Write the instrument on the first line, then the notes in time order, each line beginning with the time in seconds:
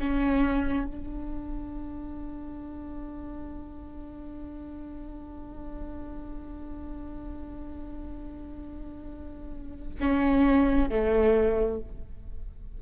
viola
0.00 C#4
0.87 D4
10.01 C#4
10.90 A3